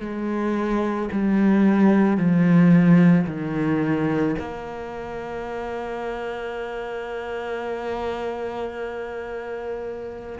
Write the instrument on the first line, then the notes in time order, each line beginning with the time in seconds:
cello
0.00 G#3
1.12 G3
2.17 F3
3.26 D#3
4.38 A#3